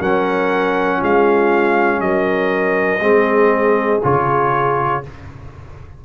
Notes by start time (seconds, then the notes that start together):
0.00 F#3 C#4 A#4 F#5
0.98 G#3 F4 F5
2.00 F#3 A#4 D#5
3.00 G#3 C4 G#4
4.03 C#3 F4 C#5